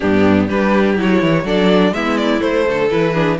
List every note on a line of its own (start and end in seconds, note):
0.00 0.49 G2
0.00 0.49 B3
0.00 0.46 D4
0.00 0.47 G4
0.46 0.97 G3
0.46 0.96 D4
0.46 1.43 G4
0.46 0.96 B4
0.96 1.22 F#3
0.96 1.44 E4
0.96 1.46 C#5
1.22 1.43 E3
1.43 1.92 F#3
1.43 1.94 D4
1.43 1.93 A4
1.43 1.93 D5
1.92 2.40 G#3
1.92 2.39 B3
1.92 2.68 E4
1.92 2.17 E5
2.17 2.40 D5
2.39 2.88 A3
2.39 2.67 A3
2.39 2.88 C5
2.68 2.92 D3
2.68 3.13 A4
2.89 3.39 E3
2.89 3.14 E4
2.89 3.37 B4
3.13 3.38 D4
3.13 3.37 G#4